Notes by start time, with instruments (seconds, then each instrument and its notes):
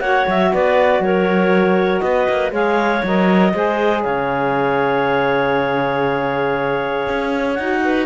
0.00 cello A#3, saxophone F#4, clarinet C#5 F#5
0.27 cello F#3, clarinet E5
0.53 cello B3, clarinet B4 D5
1.00 cello F#3, clarinet A#4 C#5
2.00 cello B3, clarinet B4 D#5
2.29 cello A#3
2.51 cello G#3, saxophone G#4, clarinet C#5 F5
3.03 cello F#3, saxophone A#4, clarinet D#5
3.53 cello G#3, saxophone G#4, clarinet C5
4.03 cello C#3, clarinet C#5 F5
7.09 cello C#4
7.54 cello D#4, saxophone F#4, clarinet F#5
7.84 clarinet B4